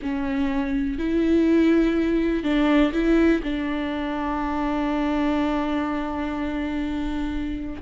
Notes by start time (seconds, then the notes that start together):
0.02 C#4
0.98 E4
2.43 D4
2.92 E4
3.43 D4